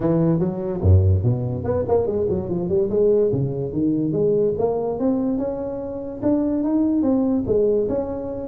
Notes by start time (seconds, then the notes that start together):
0.00 E3
0.39 F#3
0.81 F#2
1.23 B2
1.64 B3
1.88 A#3
2.06 G#3
2.29 F#3
2.49 F3
2.68 G3
2.90 G#3
3.32 C#3
3.72 D#3
4.12 G#3
4.58 A#3
4.99 C4
5.38 C#4
6.22 D4
6.63 D#4
7.02 C4
7.46 G#3
7.88 C#4